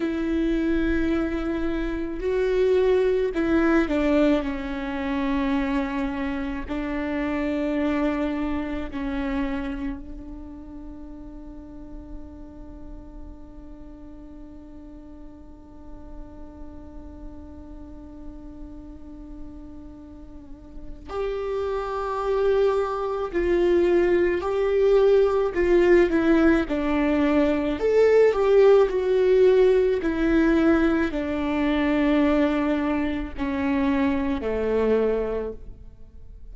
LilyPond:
\new Staff \with { instrumentName = "viola" } { \time 4/4 \tempo 4 = 54 e'2 fis'4 e'8 d'8 | cis'2 d'2 | cis'4 d'2.~ | d'1~ |
d'2. g'4~ | g'4 f'4 g'4 f'8 e'8 | d'4 a'8 g'8 fis'4 e'4 | d'2 cis'4 a4 | }